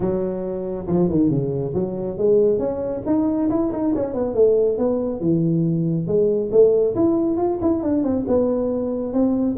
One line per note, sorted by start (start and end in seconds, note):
0.00 0.87 F#3
0.87 1.09 F3
1.09 1.30 D#3
1.30 1.73 C#3
1.74 2.17 F#3
2.17 2.58 G#3
2.58 3.02 C#4
3.06 3.49 D#4
3.50 3.72 E4
3.72 3.94 D#4
3.95 4.14 C#4
4.14 4.34 B3
4.34 4.77 A3
4.78 5.20 B3
5.20 6.07 E3
6.07 6.50 G#3
6.51 6.95 A3
6.95 7.37 E4
7.37 7.58 F4
7.61 7.82 E4
7.82 8.03 D4
8.03 8.25 C4
8.27 9.13 B3
9.13 9.56 C4